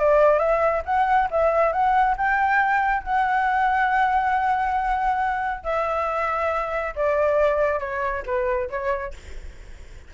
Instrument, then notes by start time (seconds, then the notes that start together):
flute
0.00 D5
0.39 E5
0.86 F#5
1.31 E5
1.73 F#5
2.18 G5
3.04 F#5
5.64 E5
6.96 D5
7.80 C#5
8.26 B4
8.71 C#5